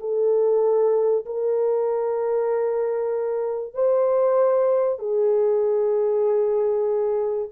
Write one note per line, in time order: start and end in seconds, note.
0.00 1.25 A4
1.25 3.74 A#4
3.74 4.99 C5
4.99 7.49 G#4